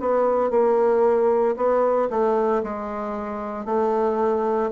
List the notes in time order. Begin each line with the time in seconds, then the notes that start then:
0.00 B3
0.50 A#3
1.56 B3
2.10 A3
2.63 G#3
3.65 A3